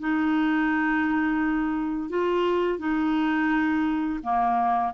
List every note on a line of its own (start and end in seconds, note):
0.00 2.10 D#4
2.10 2.79 F4
2.79 4.20 D#4
4.24 4.94 A#3